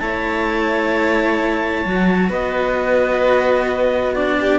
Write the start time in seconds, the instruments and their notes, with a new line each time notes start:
0.00 cello A3 E4, violin C#5, clarinet A5
1.85 cello F#3 F#4
2.29 cello B3, violin B4, clarinet D#5
4.14 cello D4, violin F#4, clarinet D5
4.41 violin G4